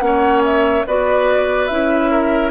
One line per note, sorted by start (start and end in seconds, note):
0.00 0.84 A#3
0.00 0.85 C#4
0.00 0.87 C#5
0.00 0.42 F#5
0.45 0.86 E5
0.87 1.70 B3
0.87 1.70 F#4
0.87 2.11 B4
0.87 1.67 D5
1.67 2.51 C#4
1.67 2.51 E4
1.67 2.51 E5
2.11 2.51 A#4